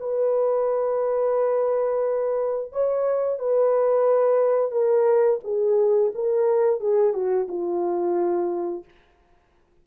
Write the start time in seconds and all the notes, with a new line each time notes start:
0.00 B4
2.72 C#5
3.39 B4
4.72 A#4
5.44 G#4
6.15 A#4
6.80 G#4
7.13 F#4
7.48 F4